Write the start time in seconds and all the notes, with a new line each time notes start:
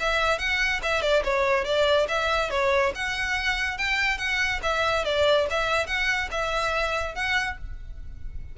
0.00 E5
0.39 F#5
0.83 E5
1.02 D5
1.24 C#5
1.65 D5
2.08 E5
2.51 C#5
2.95 F#5
3.78 G5
4.18 F#5
4.63 E5
5.05 D5
5.50 E5
5.87 F#5
6.31 E5
7.16 F#5